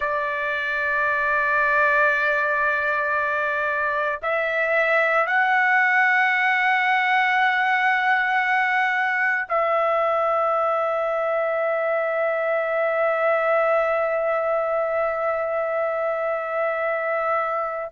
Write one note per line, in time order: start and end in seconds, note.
0.00 4.20 D5
4.22 5.26 E5
5.26 9.47 F#5
9.48 17.90 E5